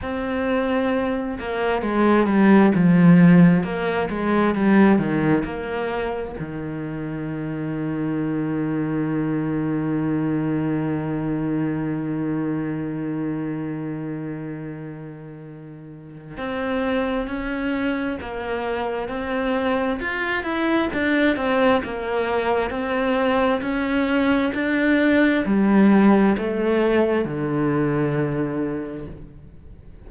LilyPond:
\new Staff \with { instrumentName = "cello" } { \time 4/4 \tempo 4 = 66 c'4. ais8 gis8 g8 f4 | ais8 gis8 g8 dis8 ais4 dis4~ | dis1~ | dis1~ |
dis2 c'4 cis'4 | ais4 c'4 f'8 e'8 d'8 c'8 | ais4 c'4 cis'4 d'4 | g4 a4 d2 | }